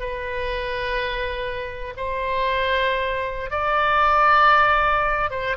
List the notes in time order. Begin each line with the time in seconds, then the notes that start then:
0.00 B4
1.97 C5
3.51 D5
5.30 C5